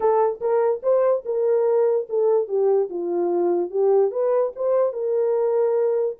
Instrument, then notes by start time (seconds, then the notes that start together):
horn
0.00 A4
0.40 A#4
0.83 C5
1.25 A#4
2.09 A4
2.48 G4
2.89 F4
3.70 G4
4.11 B4
4.55 C5
4.92 A#4